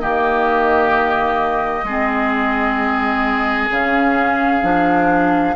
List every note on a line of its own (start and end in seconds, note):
0.00 1.83 D#3
0.00 1.85 A#3
0.00 1.86 G4
0.00 3.69 D#5
1.83 3.68 G#3
1.83 3.72 C4
1.83 5.55 G#4
3.71 4.63 C#3
3.71 4.63 C#4
3.71 5.57 F5
4.63 5.55 F3
4.63 5.55 D4